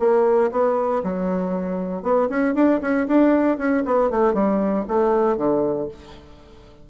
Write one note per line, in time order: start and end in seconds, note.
0.00 0.51 A#3
0.52 1.03 B3
1.04 2.03 F#3
2.03 2.29 B3
2.30 2.55 C#4
2.55 2.80 D4
2.82 3.07 C#4
3.08 3.58 D4
3.58 3.84 C#4
3.86 4.10 B3
4.10 4.34 A3
4.34 4.86 G3
4.88 5.37 A3
5.37 5.89 D3